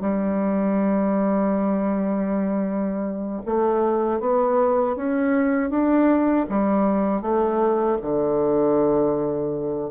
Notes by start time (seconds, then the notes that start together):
0.00 G3
3.45 A3
4.20 B3
4.96 C#4
5.70 D4
6.49 G3
7.21 A3
8.01 D3